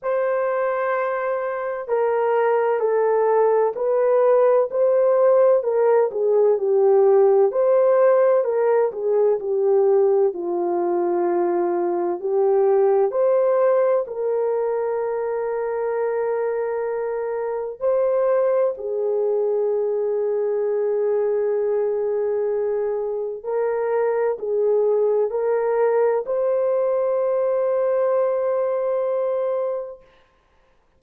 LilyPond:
\new Staff \with { instrumentName = "horn" } { \time 4/4 \tempo 4 = 64 c''2 ais'4 a'4 | b'4 c''4 ais'8 gis'8 g'4 | c''4 ais'8 gis'8 g'4 f'4~ | f'4 g'4 c''4 ais'4~ |
ais'2. c''4 | gis'1~ | gis'4 ais'4 gis'4 ais'4 | c''1 | }